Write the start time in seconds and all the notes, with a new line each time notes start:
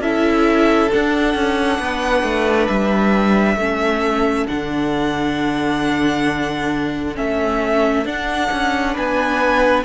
0.00 C#4 E4 A4 E5
0.90 D4 F#5
1.35 C#4
1.79 B3 B4
2.23 A3
2.68 G3 E5
3.56 A3 C#4 A4
4.48 D3 D4 F#5
7.16 A3 C#4 E5
8.05 D4 F#5
8.52 C#4
8.94 B3 B4 G#5